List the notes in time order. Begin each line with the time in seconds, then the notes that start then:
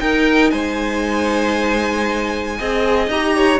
0.00 D#4 A#4 G5
0.51 G#3 C5 G#5
2.59 C4 G#4 D#5
3.08 D#4 G4 A#5
3.37 C#5